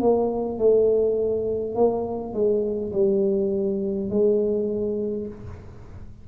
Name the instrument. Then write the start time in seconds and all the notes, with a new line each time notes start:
tuba
0.00 A#3
0.58 A3
1.75 A#3
2.33 G#3
2.93 G3
4.10 G#3